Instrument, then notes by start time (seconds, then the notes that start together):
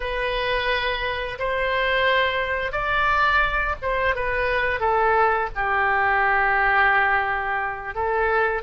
oboe
0.00 B4
1.38 C5
2.71 D5
3.82 C5
4.15 B4
4.80 A4
5.55 G4
7.94 A4